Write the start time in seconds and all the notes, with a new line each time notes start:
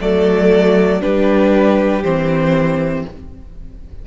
0.00 F#3 A3 A4 D5
1.01 G3 D4 G4 B4
2.03 E3 C4 C5